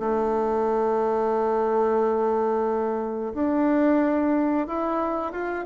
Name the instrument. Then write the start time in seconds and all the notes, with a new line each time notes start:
bassoon
0.00 A3
3.34 D4
4.68 E4
5.32 F4